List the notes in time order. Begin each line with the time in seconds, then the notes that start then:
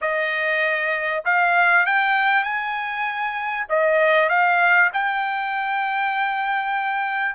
0.01 D#5
1.24 F5
1.85 G5
2.43 G#5
3.69 D#5
4.29 F5
4.93 G5